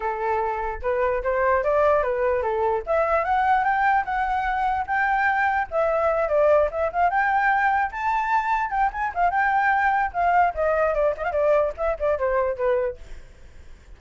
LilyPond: \new Staff \with { instrumentName = "flute" } { \time 4/4 \tempo 4 = 148 a'2 b'4 c''4 | d''4 b'4 a'4 e''4 | fis''4 g''4 fis''2 | g''2 e''4. d''8~ |
d''8 e''8 f''8 g''2 a''8~ | a''4. g''8 gis''8 f''8 g''4~ | g''4 f''4 dis''4 d''8 dis''16 f''16 | d''4 e''8 d''8 c''4 b'4 | }